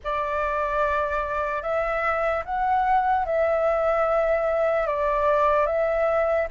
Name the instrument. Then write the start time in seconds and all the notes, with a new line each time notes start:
flute
0.04 D5
1.62 E5
2.44 F#5
3.25 E5
4.86 D5
5.66 E5